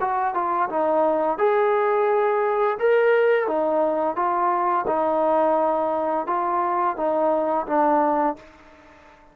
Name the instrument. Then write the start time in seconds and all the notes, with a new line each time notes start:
trombone
0.00 F#4
0.34 F4
0.69 D#4
1.38 G#4
2.79 A#4
3.47 D#4
4.15 F4
4.87 D#4
6.26 F4
6.96 D#4
7.66 D4